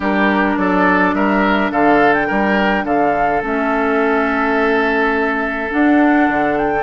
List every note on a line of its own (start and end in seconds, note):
0.00 0.57 G3
0.00 3.42 D4
0.00 0.56 G4
0.00 0.58 A#4
0.57 1.13 F#3
0.57 1.15 A4
0.57 1.14 D5
1.13 1.71 G3
1.13 1.71 A#4
1.13 1.71 E5
1.71 2.28 D3
1.71 2.27 A4
1.71 2.13 F5
2.13 2.85 G5
2.27 2.84 G3
2.27 2.84 A#4
2.84 3.41 D3
2.84 6.82 A4
2.84 3.42 F5
3.42 5.71 A3
3.42 5.70 C#4
3.42 5.71 E5
5.70 6.82 D4
5.70 6.28 D4
5.70 6.57 F#5
6.28 6.82 D3
6.57 6.82 G5